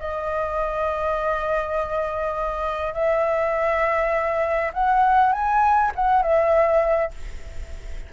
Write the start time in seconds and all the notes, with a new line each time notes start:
0.00 D#5
2.94 E5
4.74 F#5
5.32 G#5
5.95 F#5
6.22 E5